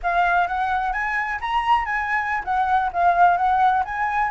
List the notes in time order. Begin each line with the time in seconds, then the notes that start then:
0.02 F5
0.47 F#5
0.92 G#5
1.40 A#5
1.85 G#5
2.44 F#5
2.92 F5
3.37 F#5
3.84 G#5